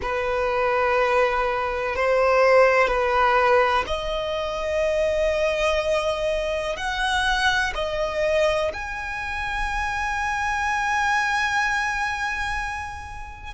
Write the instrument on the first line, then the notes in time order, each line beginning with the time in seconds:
violin
0.02 B4
1.95 C5
2.87 B4
3.87 D#5
6.76 F#5
7.75 D#5
8.73 G#5